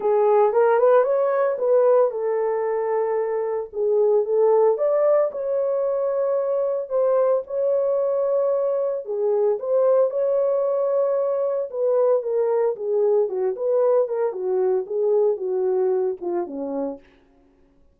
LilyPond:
\new Staff \with { instrumentName = "horn" } { \time 4/4 \tempo 4 = 113 gis'4 ais'8 b'8 cis''4 b'4 | a'2. gis'4 | a'4 d''4 cis''2~ | cis''4 c''4 cis''2~ |
cis''4 gis'4 c''4 cis''4~ | cis''2 b'4 ais'4 | gis'4 fis'8 b'4 ais'8 fis'4 | gis'4 fis'4. f'8 cis'4 | }